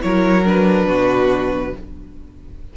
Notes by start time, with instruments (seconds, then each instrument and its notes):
0.00 cello F#3, viola E4, violin A#4 C#5
0.44 viola D4, violin B4
0.87 cello B2, violin F#4